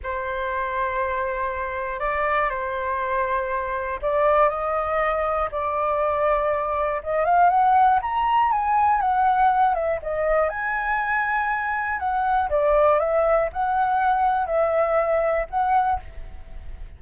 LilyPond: \new Staff \with { instrumentName = "flute" } { \time 4/4 \tempo 4 = 120 c''1 | d''4 c''2. | d''4 dis''2 d''4~ | d''2 dis''8 f''8 fis''4 |
ais''4 gis''4 fis''4. e''8 | dis''4 gis''2. | fis''4 d''4 e''4 fis''4~ | fis''4 e''2 fis''4 | }